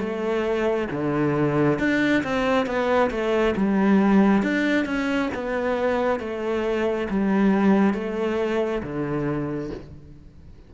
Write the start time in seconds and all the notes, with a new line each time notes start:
0.00 A3
0.91 D3
1.79 D4
2.24 C4
2.67 B3
3.11 A3
3.57 G3
4.43 D4
4.86 C#4
5.35 B3
6.20 A3
7.10 G3
7.95 A3
8.83 D3